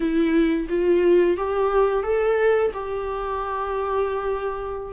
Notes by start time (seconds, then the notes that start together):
0.00 E4
0.69 F4
1.37 G4
2.03 A4
2.73 G4